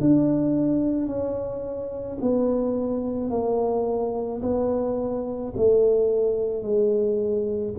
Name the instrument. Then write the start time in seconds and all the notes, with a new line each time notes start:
tuba
0.00 D4
1.07 C#4
2.21 B3
3.30 A#3
4.42 B3
5.56 A3
6.63 G#3